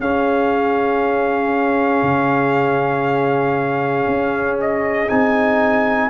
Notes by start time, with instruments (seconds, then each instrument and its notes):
0.00 tuba C#4, trombone C#4, horn G#4, trumpet F5
2.03 tuba C#3
4.08 tuba C#4
4.61 trumpet D#5
5.09 tuba C4, trombone D#4, trumpet G#5